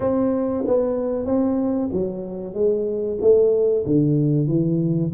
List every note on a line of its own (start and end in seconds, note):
0.00 0.64 C4
0.66 1.25 B3
1.25 1.89 C4
1.92 2.54 F#3
2.54 3.17 G#3
3.21 3.85 A3
3.85 4.47 D3
4.47 5.11 E3